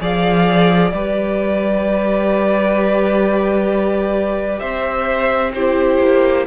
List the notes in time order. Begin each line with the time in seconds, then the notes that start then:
0.00 F3 G#4 D5 F5
0.90 G3 G4 B4 D5
4.59 C4 C5 E5
5.54 E4 G4 C5
6.00 A#3